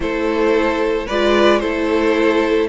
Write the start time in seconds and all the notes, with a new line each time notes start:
0.00 A3 E4 A4 C5
1.06 G#3 F4 B4 D5
1.59 A3 E4 A4 C5